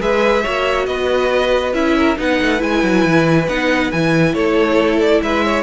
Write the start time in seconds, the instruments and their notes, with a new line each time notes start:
0.00 cello G#3, viola G#4, violin B4 E5
0.43 cello A#3, viola F#4, violin C#5
0.86 cello B3, violin B4 D#5
1.73 cello C#4, viola E4, violin E5
1.97 violin A#4
2.16 cello B3, viola D#4, violin B4 F#5
2.41 cello A3
2.58 cello G#3, viola E4, violin G#5
2.83 cello F#3
3.05 cello E3
3.48 cello B3, viola D#4, violin F#5
3.91 cello E3, viola E4, violin G#5
4.34 cello A3, violin A4 C#5
4.99 violin D5
5.22 cello G#3, violin B4 E5
5.45 violin C#5